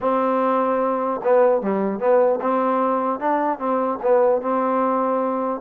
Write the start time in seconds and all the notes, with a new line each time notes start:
0.01 C4
1.23 B3
1.61 G3
1.99 B3
2.41 C4
3.19 D4
3.59 C4
4.02 B3
4.41 C4